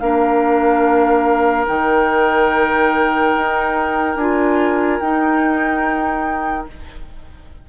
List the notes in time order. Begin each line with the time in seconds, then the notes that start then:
0.00 A#3 D4 A#4 F5
1.67 D#3 D#4 G5
3.36 D#4
4.16 D4 F4 G#5
5.00 D#4 G5